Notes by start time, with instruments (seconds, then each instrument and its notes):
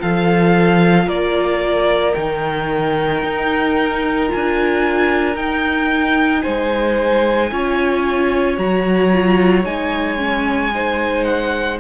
0.00 cello F3, viola F4, violin A4 F5
1.07 cello A#3, violin A#4 D5
2.15 cello D#3, viola D#4, violin G5
3.24 cello D#4
4.28 viola F4, violin G#5
4.35 cello D4
5.36 cello D#4, viola D#4, violin G5
6.43 cello G#3, violin C5 G#5
7.52 cello C#4, viola F4, violin C#5
8.58 cello F#3, viola F#4, violin A#5
9.14 viola F4
9.65 cello G#3, viola D#4, violin G#5
10.18 viola C#4
10.75 viola D#4, violin C5
11.25 violin F#5